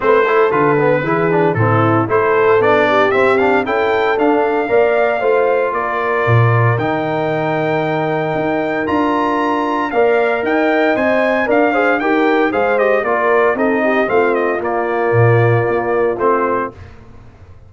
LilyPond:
<<
  \new Staff \with { instrumentName = "trumpet" } { \time 4/4 \tempo 4 = 115 c''4 b'2 a'4 | c''4 d''4 e''8 f''8 g''4 | f''2. d''4~ | d''4 g''2.~ |
g''4 ais''2 f''4 | g''4 gis''4 f''4 g''4 | f''8 dis''8 d''4 dis''4 f''8 dis''8 | d''2. c''4 | }
  \new Staff \with { instrumentName = "horn" } { \time 4/4 b'8 a'4. gis'4 e'4 | a'4. g'4. a'4~ | a'4 d''4 c''4 ais'4~ | ais'1~ |
ais'2. d''4 | dis''2 d''8 c''8 ais'4 | c''4 ais'4 a'8 g'8 f'4~ | f'1 | }
  \new Staff \with { instrumentName = "trombone" } { \time 4/4 c'8 e'8 f'8 b8 e'8 d'8 c'4 | e'4 d'4 c'8 d'8 e'4 | d'4 ais'4 f'2~ | f'4 dis'2.~ |
dis'4 f'2 ais'4~ | ais'4 c''4 ais'8 gis'8 g'4 | gis'8 g'8 f'4 dis'4 c'4 | ais2. c'4 | }
  \new Staff \with { instrumentName = "tuba" } { \time 4/4 a4 d4 e4 a,4 | a4 b4 c'4 cis'4 | d'4 ais4 a4 ais4 | ais,4 dis2. |
dis'4 d'2 ais4 | dis'4 c'4 d'4 dis'4 | gis4 ais4 c'4 a4 | ais4 ais,4 ais4 a4 | }
>>